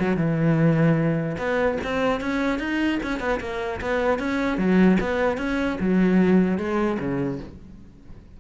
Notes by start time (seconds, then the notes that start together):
0.00 F#3
0.17 E3
1.38 B3
1.84 C4
2.21 C#4
2.59 D#4
3.03 C#4
3.20 B3
3.41 A#3
3.81 B3
4.19 C#4
4.58 F#3
5.01 B3
5.38 C#4
5.80 F#3
6.58 G#3
6.99 C#3